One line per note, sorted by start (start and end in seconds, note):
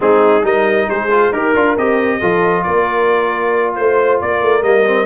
0.00 0.43 G#3
0.00 0.41 C4
0.00 0.44 D#4
0.00 0.45 G#4
0.42 0.87 G3
0.42 1.08 D#4
0.42 0.88 A#4
0.42 0.89 D#5
0.89 1.32 G#3
0.89 1.33 G#4
0.89 1.32 C5
1.10 1.32 F4
1.32 1.54 D#4
1.32 1.55 G4
1.32 1.76 A#4
1.32 2.19 A#4
1.55 1.77 D4
1.55 1.77 F4
1.77 2.21 C4
1.77 2.21 G4
1.77 2.63 D#5
2.19 2.66 F3
2.19 4.63 F4
2.19 2.63 A4
2.63 3.77 A#3
2.63 3.74 A#4
2.63 3.73 D5
3.75 4.21 A3
3.75 4.19 C5
3.75 4.22 C5
4.21 4.42 A#3
4.21 5.06 A#4
4.21 4.63 D5
4.42 4.62 A3
4.62 5.06 G3
4.62 4.85 A#3
4.62 5.06 D#5
4.85 5.06 C4